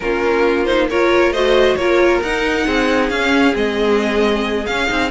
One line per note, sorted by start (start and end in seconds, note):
0.00 1.30 A#3
0.00 0.66 C#4
0.00 0.89 F4
0.00 0.65 A#4
0.65 0.89 D#4
0.65 0.87 C5
0.89 1.34 F4
0.89 1.32 A#4
0.89 1.32 C#5
1.30 1.75 A3
1.30 1.78 F#4
1.30 1.76 C5
1.30 1.76 D#5
1.76 2.20 A#3
1.76 2.23 F4
1.76 2.65 A#4
1.76 2.20 C#5
2.22 2.66 D#4
2.22 3.12 D#4
2.22 3.09 F#5
2.65 3.09 C4
2.65 5.10 G#4
3.09 3.54 C#4
3.09 3.52 C#4
3.09 3.54 F5
3.52 4.66 G#3
3.52 4.63 C4
3.52 4.66 D#5
4.66 4.87 C#4
4.66 4.90 C#4
4.66 5.10 F5
4.87 5.11 C4
4.87 5.09 D#4